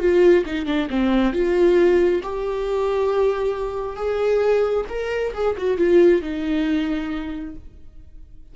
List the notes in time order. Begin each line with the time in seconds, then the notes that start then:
0.00 F4
0.46 D#4
0.66 D4
0.90 C4
1.33 F4
2.23 G4
3.97 G#4
4.89 A#4
5.34 G#4
5.58 F#4
5.78 F4
6.22 D#4